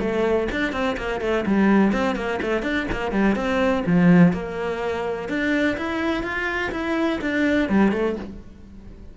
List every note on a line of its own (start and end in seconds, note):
0.00 0.48 A3
0.51 0.72 D4
0.72 0.96 C4
0.97 1.21 A#3
1.21 1.45 A3
1.46 1.93 G3
1.93 2.16 C4
2.16 2.40 A#3
2.42 2.62 A3
2.62 2.86 D4
2.91 3.12 A#3
3.12 3.36 G3
3.36 3.84 C4
3.86 4.33 F3
4.33 5.29 A#3
5.29 5.77 D4
5.77 6.23 E4
6.23 6.71 F4
6.72 7.20 E4
7.21 7.69 D4
7.69 7.92 G3
7.92 8.16 A3